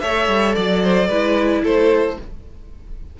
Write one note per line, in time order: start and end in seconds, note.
0.00 0.28 A3
0.00 1.11 A4
0.00 0.55 C#5
0.00 0.54 E5
0.28 0.55 G3
0.55 1.08 F#3
0.55 0.82 D5
0.55 1.64 D5
0.83 1.08 C5
1.08 1.62 G#3
1.08 2.19 E4
1.08 1.62 B4
1.63 2.17 A3
1.63 2.17 A4
1.63 2.19 C5